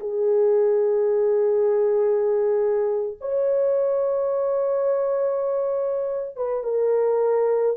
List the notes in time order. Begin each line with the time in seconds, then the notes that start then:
0.00 G#4
3.21 C#5
6.37 B4
6.64 A#4